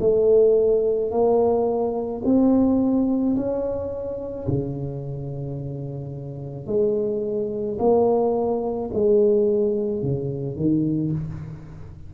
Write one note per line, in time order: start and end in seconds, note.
0.00 1.11 A3
1.11 2.22 A#3
2.25 3.36 C4
3.36 4.47 C#4
4.48 6.67 C#3
6.67 7.78 G#3
7.79 8.90 A#3
8.93 10.02 G#3
10.02 10.56 C#3
10.56 11.12 D#3